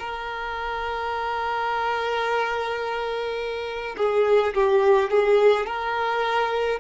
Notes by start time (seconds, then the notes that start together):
0.00 A#4
3.97 G#4
4.54 G4
5.10 G#4
5.67 A#4